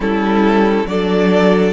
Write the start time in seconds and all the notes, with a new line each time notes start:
0.00 G3 C#4 E4 A4
0.86 F#3 D4 A4 D5